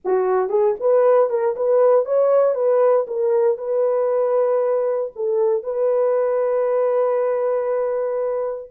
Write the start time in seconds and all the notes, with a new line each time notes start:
0.04 F#4
0.49 G#4
0.80 B4
1.29 A#4
1.56 B4
2.05 C#5
2.55 B4
3.07 A#4
3.57 B4
5.15 A4
5.63 B4